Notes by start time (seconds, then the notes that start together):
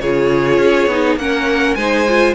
0.00 C#3 F4 G#4 C#5
0.58 C#4
0.87 B3 D#4
1.17 A#3 C#4 A#4 F#5
1.75 G#3 D#4 C5 G#5
2.08 F4